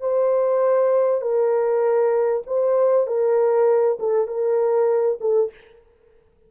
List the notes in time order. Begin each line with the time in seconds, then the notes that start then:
0.00 C5
1.21 A#4
2.46 C5
3.07 A#4
3.99 A4
4.27 A#4
5.20 A4